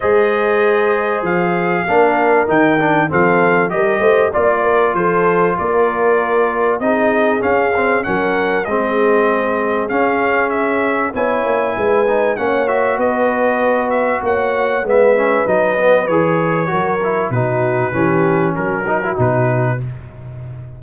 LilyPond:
<<
  \new Staff \with { instrumentName = "trumpet" } { \time 4/4 \tempo 4 = 97 dis''2 f''2 | g''4 f''4 dis''4 d''4 | c''4 d''2 dis''4 | f''4 fis''4 dis''2 |
f''4 e''4 gis''2 | fis''8 e''8 dis''4. e''8 fis''4 | e''4 dis''4 cis''2 | b'2 ais'4 b'4 | }
  \new Staff \with { instrumentName = "horn" } { \time 4/4 c''2. ais'4~ | ais'4 a'4 ais'8 c''8 d''8 ais'8 | a'4 ais'2 gis'4~ | gis'4 ais'4 gis'2~ |
gis'2 cis''4 b'4 | cis''4 b'2 cis''4 | b'2. ais'4 | fis'4 g'4 fis'2 | }
  \new Staff \with { instrumentName = "trombone" } { \time 4/4 gis'2. d'4 | dis'8 d'8 c'4 g'4 f'4~ | f'2. dis'4 | cis'8 c'8 cis'4 c'2 |
cis'2 e'4. dis'8 | cis'8 fis'2.~ fis'8 | b8 cis'8 dis'8 b8 gis'4 fis'8 e'8 | dis'4 cis'4. dis'16 e'16 dis'4 | }
  \new Staff \with { instrumentName = "tuba" } { \time 4/4 gis2 f4 ais4 | dis4 f4 g8 a8 ais4 | f4 ais2 c'4 | cis'4 fis4 gis2 |
cis'2 b8 ais8 gis4 | ais4 b2 ais4 | gis4 fis4 e4 fis4 | b,4 e4 fis4 b,4 | }
>>